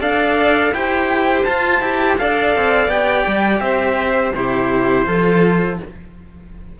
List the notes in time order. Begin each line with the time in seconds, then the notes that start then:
0.00 D4 A4 D5 F5
0.71 E4 G4 C5 G5
1.44 F4 A5
1.80 E4 G4
2.18 D4 A4 D5 F5
2.55 C4
2.87 B3 G4 G5
3.27 G3
3.60 C4 C5 E5
4.34 C3 E4 G4 C5
5.06 F3 F4 A4